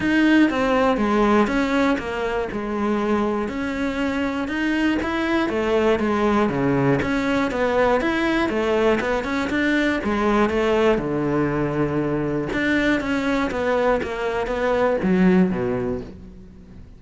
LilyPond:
\new Staff \with { instrumentName = "cello" } { \time 4/4 \tempo 4 = 120 dis'4 c'4 gis4 cis'4 | ais4 gis2 cis'4~ | cis'4 dis'4 e'4 a4 | gis4 cis4 cis'4 b4 |
e'4 a4 b8 cis'8 d'4 | gis4 a4 d2~ | d4 d'4 cis'4 b4 | ais4 b4 fis4 b,4 | }